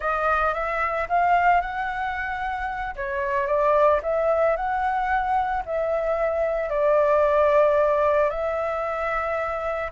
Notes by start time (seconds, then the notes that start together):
0.00 D#5
0.54 E5
1.08 F5
1.61 F#5
2.95 C#5
3.47 D5
4.02 E5
4.56 F#5
5.65 E5
6.69 D5
8.30 E5